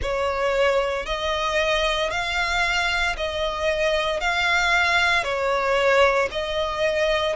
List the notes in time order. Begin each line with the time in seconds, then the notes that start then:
0.01 C#5
1.05 D#5
2.11 F5
3.16 D#5
4.20 F5
5.23 C#5
6.31 D#5